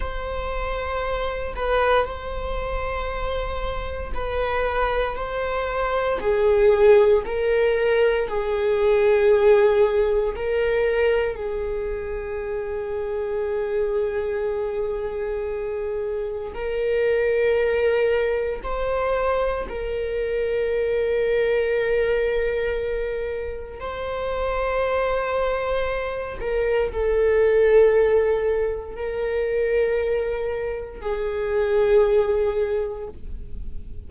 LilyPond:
\new Staff \with { instrumentName = "viola" } { \time 4/4 \tempo 4 = 58 c''4. b'8 c''2 | b'4 c''4 gis'4 ais'4 | gis'2 ais'4 gis'4~ | gis'1 |
ais'2 c''4 ais'4~ | ais'2. c''4~ | c''4. ais'8 a'2 | ais'2 gis'2 | }